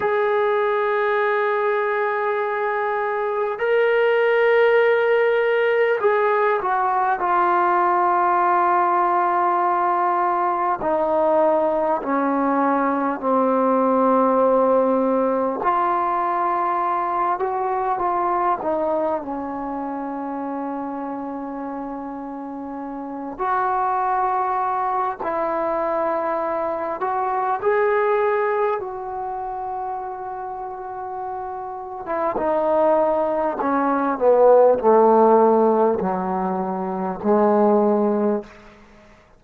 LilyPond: \new Staff \with { instrumentName = "trombone" } { \time 4/4 \tempo 4 = 50 gis'2. ais'4~ | ais'4 gis'8 fis'8 f'2~ | f'4 dis'4 cis'4 c'4~ | c'4 f'4. fis'8 f'8 dis'8 |
cis'2.~ cis'8 fis'8~ | fis'4 e'4. fis'8 gis'4 | fis'2~ fis'8. e'16 dis'4 | cis'8 b8 a4 fis4 gis4 | }